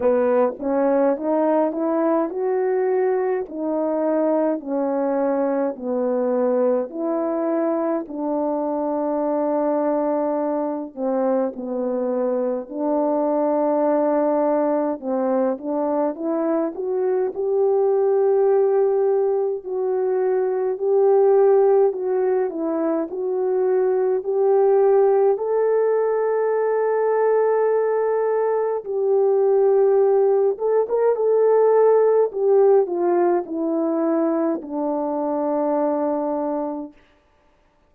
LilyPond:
\new Staff \with { instrumentName = "horn" } { \time 4/4 \tempo 4 = 52 b8 cis'8 dis'8 e'8 fis'4 dis'4 | cis'4 b4 e'4 d'4~ | d'4. c'8 b4 d'4~ | d'4 c'8 d'8 e'8 fis'8 g'4~ |
g'4 fis'4 g'4 fis'8 e'8 | fis'4 g'4 a'2~ | a'4 g'4. a'16 ais'16 a'4 | g'8 f'8 e'4 d'2 | }